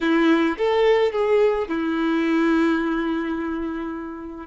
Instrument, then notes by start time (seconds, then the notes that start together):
violin
0.01 E4
0.57 A4
1.12 G#4
1.68 E4